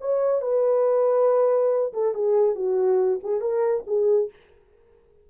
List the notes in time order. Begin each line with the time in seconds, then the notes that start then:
0.00 C#5
0.41 B4
1.93 A4
2.14 G#4
2.55 F#4
3.23 G#4
3.41 A#4
3.86 G#4